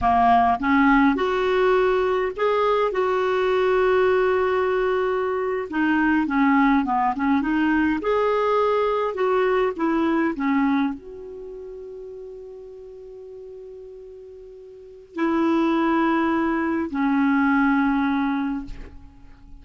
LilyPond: \new Staff \with { instrumentName = "clarinet" } { \time 4/4 \tempo 4 = 103 ais4 cis'4 fis'2 | gis'4 fis'2.~ | fis'4.~ fis'16 dis'4 cis'4 b16~ | b16 cis'8 dis'4 gis'2 fis'16~ |
fis'8. e'4 cis'4 fis'4~ fis'16~ | fis'1~ | fis'2 e'2~ | e'4 cis'2. | }